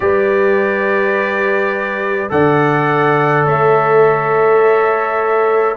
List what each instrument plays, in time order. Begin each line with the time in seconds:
0.00 tuba G3, trombone G4, horn B4, trumpet D5
2.29 tuba D3, trombone A4, horn D5, trumpet F#5
3.45 tuba A3, horn C#5, trumpet E5